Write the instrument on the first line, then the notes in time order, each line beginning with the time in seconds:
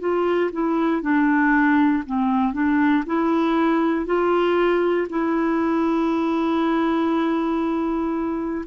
clarinet
0.00 F4
0.52 E4
1.02 D4
2.06 C4
2.53 D4
3.06 E4
4.06 F4
5.09 E4